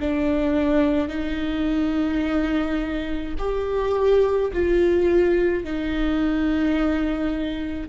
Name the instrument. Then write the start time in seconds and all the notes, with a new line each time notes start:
viola
0.00 D4
1.08 D#4
3.38 G4
4.53 F4
5.64 D#4